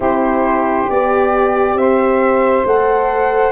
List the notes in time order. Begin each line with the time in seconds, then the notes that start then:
0.00 C4 E4 G4 C5
0.89 B3 G4 D5
1.74 C4 C5 E5
2.65 A3 A4 F#5